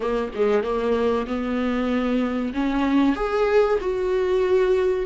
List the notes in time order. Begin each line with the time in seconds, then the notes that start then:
0.00 A#3
0.34 G#3
0.63 A#3
1.26 B3
2.53 C#4
3.15 G#4
3.80 F#4